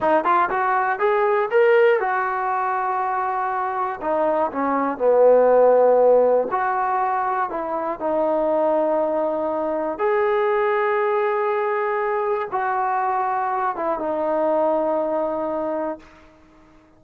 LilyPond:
\new Staff \with { instrumentName = "trombone" } { \time 4/4 \tempo 4 = 120 dis'8 f'8 fis'4 gis'4 ais'4 | fis'1 | dis'4 cis'4 b2~ | b4 fis'2 e'4 |
dis'1 | gis'1~ | gis'4 fis'2~ fis'8 e'8 | dis'1 | }